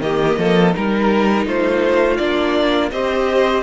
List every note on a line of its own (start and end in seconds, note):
0.00 0.36 D#3
0.00 0.74 A#3
0.00 0.39 G4
0.00 0.74 D#5
0.37 0.73 F3
0.37 0.75 A4
0.74 1.46 G3
0.74 2.19 D#4
0.74 1.47 A#4
1.46 2.19 A3
1.46 2.91 F4
1.46 2.17 C5
2.17 2.92 A#3
2.17 2.92 D4
2.17 2.89 D5
2.91 3.63 C4
2.91 3.63 G4
2.91 3.63 C5
2.91 3.63 D#5